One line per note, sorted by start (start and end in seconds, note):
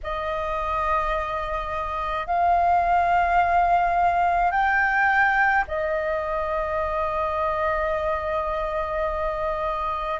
0.03 2.26 D#5
2.26 4.51 F5
4.51 5.64 G5
5.67 10.20 D#5